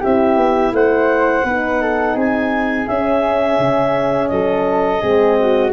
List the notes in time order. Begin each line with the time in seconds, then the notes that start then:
0.00 C4 E4 G4 E5
0.37 B3
0.72 A3 C5 F#5
1.44 B3 D#4 B4
1.81 A4
2.15 C4 G#4 G#5
2.87 C#4 E5
3.59 C#3
4.28 F#3 A4 D#5
5.00 G#3 C4 G#4
5.39 F#4